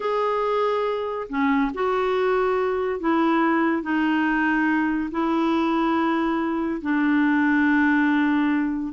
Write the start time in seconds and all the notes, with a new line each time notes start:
0.00 G#4
1.29 C#4
1.74 F#4
3.00 E4
3.82 D#4
5.11 E4
6.81 D4